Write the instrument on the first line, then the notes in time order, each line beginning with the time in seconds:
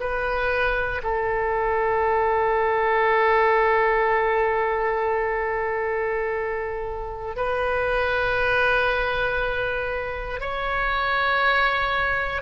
oboe
0.00 B4
1.03 A4
7.36 B4
10.40 C#5